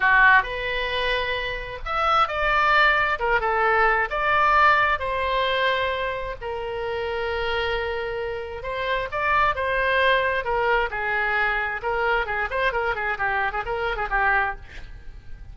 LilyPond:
\new Staff \with { instrumentName = "oboe" } { \time 4/4 \tempo 4 = 132 fis'4 b'2. | e''4 d''2 ais'8 a'8~ | a'4 d''2 c''4~ | c''2 ais'2~ |
ais'2. c''4 | d''4 c''2 ais'4 | gis'2 ais'4 gis'8 c''8 | ais'8 gis'8 g'8. gis'16 ais'8. gis'16 g'4 | }